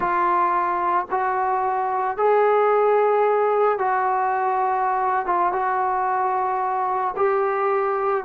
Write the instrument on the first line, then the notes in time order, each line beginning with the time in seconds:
trombone
0.00 F4
1.11 F#4
2.17 G#4
3.78 F#4
5.26 F4
5.52 F#4
7.16 G4